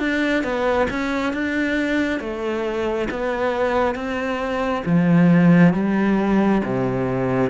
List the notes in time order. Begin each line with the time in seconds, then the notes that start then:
0.00 D4
0.44 B3
0.91 C#4
1.34 D4
2.21 A3
3.11 B3
3.95 C4
4.86 F3
5.74 G3
6.65 C3